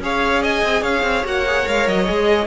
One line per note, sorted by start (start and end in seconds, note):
0.00 0.62 C#4
0.00 1.24 G#4
0.00 0.43 C#5
0.00 0.44 F5
0.43 0.82 D#5
0.43 0.83 G#5
0.63 0.82 C4
0.82 1.03 C#4
0.82 2.47 C#5
0.82 1.25 F5
1.03 1.24 C4
1.24 1.66 A#3
1.24 1.45 F#4
1.24 1.68 F#5
1.47 1.64 G#4
1.64 1.87 G#3
1.64 2.06 A#4
1.64 1.88 F5
1.87 2.08 F#3
1.87 2.47 D#5
2.06 2.47 G#3
2.06 2.47 G#4